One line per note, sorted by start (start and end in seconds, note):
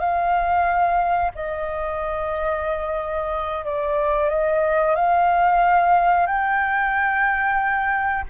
0.00 1.32 F5
1.35 3.65 D#5
3.65 4.30 D5
4.30 4.96 D#5
4.96 6.27 F5
6.27 8.25 G5